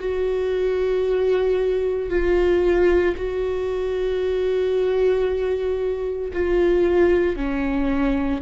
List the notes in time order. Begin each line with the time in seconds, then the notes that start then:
0.00 F#4
2.11 F4
3.16 F#4
6.33 F4
7.37 C#4